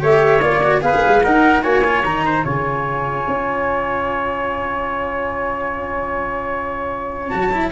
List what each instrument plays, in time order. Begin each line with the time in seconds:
0.00 tuba A3, cello G4, trumpet C#5, flute E5
0.42 tuba A#3, cello F4, flute D5
0.63 cello F#4
0.81 tuba B3, cello G#4, trumpet B4, flute F5
0.94 tuba A#3
1.08 tuba G#3
1.23 cello D#4, tuba D#4, trumpet A#4, flute F#5
1.63 tuba A#3, cello F#4, trumpet C#5, flute G#5
1.84 cello F4
2.05 tuba D#3, cello D#4, flute A#5
2.26 trumpet C5
2.44 tuba C#3, cello F4, trumpet C#5, flute G#5
3.28 tuba C#4
7.30 tuba F#3, cello F#4, flute A5
7.52 cello E4